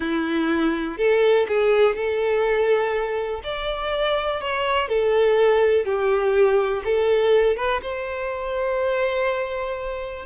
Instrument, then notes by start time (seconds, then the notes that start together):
violin
0.00 E4
0.97 A4
1.48 G#4
1.95 A4
3.43 D5
4.41 C#5
4.88 A4
5.85 G4
6.84 A4
7.56 B4
7.82 C5